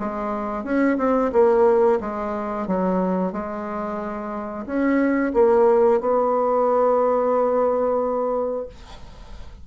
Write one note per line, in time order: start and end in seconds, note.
0.00 0.64 G#3
0.64 0.98 C#4
0.98 1.31 C4
1.33 1.99 A#3
2.01 2.68 G#3
2.68 3.33 F#3
3.33 4.66 G#3
4.66 5.33 C#4
5.34 6.01 A#3
6.01 8.67 B3